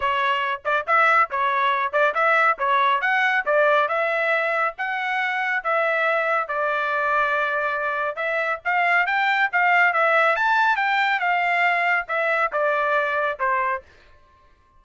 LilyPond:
\new Staff \with { instrumentName = "trumpet" } { \time 4/4 \tempo 4 = 139 cis''4. d''8 e''4 cis''4~ | cis''8 d''8 e''4 cis''4 fis''4 | d''4 e''2 fis''4~ | fis''4 e''2 d''4~ |
d''2. e''4 | f''4 g''4 f''4 e''4 | a''4 g''4 f''2 | e''4 d''2 c''4 | }